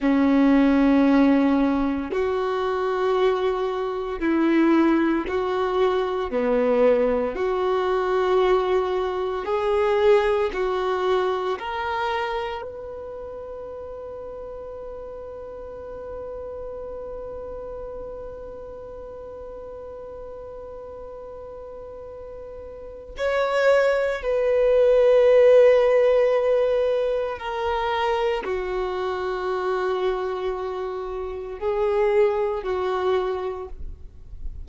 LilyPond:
\new Staff \with { instrumentName = "violin" } { \time 4/4 \tempo 4 = 57 cis'2 fis'2 | e'4 fis'4 b4 fis'4~ | fis'4 gis'4 fis'4 ais'4 | b'1~ |
b'1~ | b'2 cis''4 b'4~ | b'2 ais'4 fis'4~ | fis'2 gis'4 fis'4 | }